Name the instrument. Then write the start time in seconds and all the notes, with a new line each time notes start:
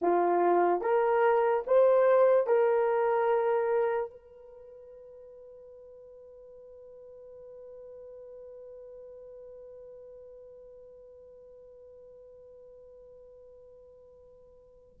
horn
0.01 F4
0.81 A#4
1.67 C5
2.47 A#4
4.10 B4